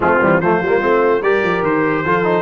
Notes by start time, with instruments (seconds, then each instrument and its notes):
0.00 tuba F3, trombone A3, horn C4, trumpet F4
0.21 tuba E3, trombone G3
0.40 tuba F3, trombone A3, horn F4, trumpet C5
0.61 tuba G3, trombone A#3
0.80 tuba A3, trombone C4
1.21 tuba G3, trombone G4, horn A#4, trumpet D5
1.42 tuba F3
1.62 tuba D#3, trumpet C5
2.05 tuba F3, trombone F4, horn A4
2.23 trombone D#4